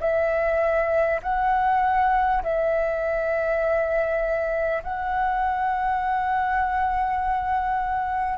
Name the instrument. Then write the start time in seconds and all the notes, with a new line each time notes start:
flute
0.00 E5
1.23 F#5
2.43 E5
4.83 F#5